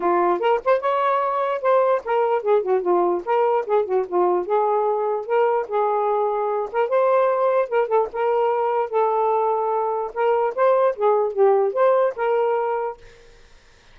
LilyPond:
\new Staff \with { instrumentName = "saxophone" } { \time 4/4 \tempo 4 = 148 f'4 ais'8 c''8 cis''2 | c''4 ais'4 gis'8 fis'8 f'4 | ais'4 gis'8 fis'8 f'4 gis'4~ | gis'4 ais'4 gis'2~ |
gis'8 ais'8 c''2 ais'8 a'8 | ais'2 a'2~ | a'4 ais'4 c''4 gis'4 | g'4 c''4 ais'2 | }